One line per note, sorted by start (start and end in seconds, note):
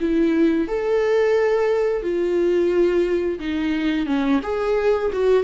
0.00 0.68 E4
0.68 2.02 A4
2.02 3.39 F4
3.39 4.06 D#4
4.06 4.40 C#4
4.43 5.11 G#4
5.13 5.43 F#4